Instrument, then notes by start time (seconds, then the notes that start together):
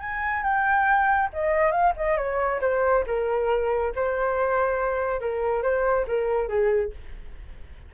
flute
0.00 G#5
0.43 G5
1.33 D#5
1.72 F5
1.97 D#5
2.17 C#5
2.61 C5
3.07 A#4
3.95 C5
5.20 A#4
5.63 C5
6.07 A#4
6.48 G#4